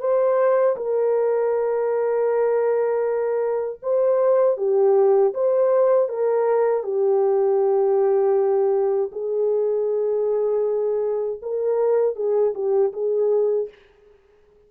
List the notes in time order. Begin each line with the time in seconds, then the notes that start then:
0.00 C5
0.76 A#4
3.83 C5
4.57 G4
5.34 C5
6.09 A#4
6.83 G4
9.12 G#4
11.42 A#4
12.16 G#4
12.55 G4
12.93 G#4